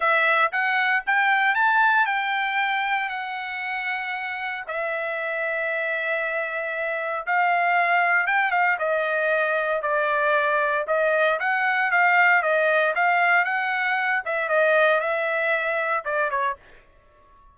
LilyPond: \new Staff \with { instrumentName = "trumpet" } { \time 4/4 \tempo 4 = 116 e''4 fis''4 g''4 a''4 | g''2 fis''2~ | fis''4 e''2.~ | e''2 f''2 |
g''8 f''8 dis''2 d''4~ | d''4 dis''4 fis''4 f''4 | dis''4 f''4 fis''4. e''8 | dis''4 e''2 d''8 cis''8 | }